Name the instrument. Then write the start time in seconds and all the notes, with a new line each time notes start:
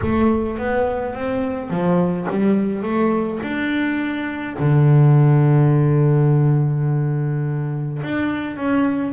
double bass
0.02 A3
0.58 B3
1.14 C4
1.70 F3
2.30 G3
2.82 A3
3.42 D4
4.59 D3
8.02 D4
8.56 C#4